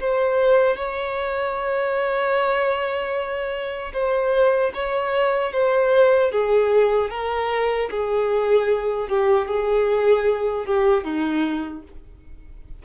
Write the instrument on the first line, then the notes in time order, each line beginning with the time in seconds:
violin
0.00 C5
0.76 C#5
3.93 C5
4.74 C#5
5.53 C5
6.31 G#4
7.10 A#4
7.90 G#4
9.08 G4
9.47 G#4
10.65 G4
11.03 D#4